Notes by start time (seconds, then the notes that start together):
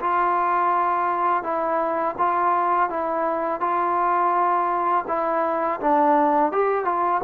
0.00 F4
1.43 E4
2.18 F4
2.89 E4
3.60 F4
5.08 E4
5.80 D4
6.52 G4
6.85 F4